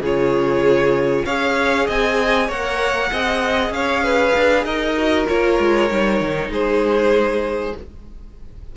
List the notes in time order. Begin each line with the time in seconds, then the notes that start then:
0.00 C#3 F4 G#4 C#5
1.25 C#4 G#4 C#5 F5
1.86 C4 D#5 G#5
2.47 A#3 A#4 C#5 F#5
3.11 C4 G#4 D#5
3.69 C#4 C#5 F5
4.03 B4
4.35 D4
4.63 D#4 A#4 D#5
4.97 F#4
5.27 A#3 F4 C#5
5.59 G#3
5.89 G3 D#4
6.20 D#3
6.49 G#3 G#4 C5